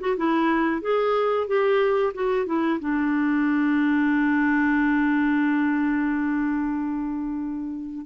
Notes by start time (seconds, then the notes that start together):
0.00 F#4
0.17 E4
0.81 G#4
1.47 G4
2.14 F#4
2.46 E4
2.80 D4